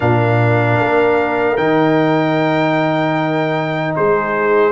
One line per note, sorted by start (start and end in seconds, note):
0.00 0.79 A#2
0.00 1.57 D4
0.00 3.93 A#4
0.00 1.57 F5
0.80 1.58 A#3
1.57 3.94 D#3
1.57 4.72 D#4
1.57 3.93 G5
3.95 4.72 G#3
3.95 4.72 G#4
3.95 4.72 C5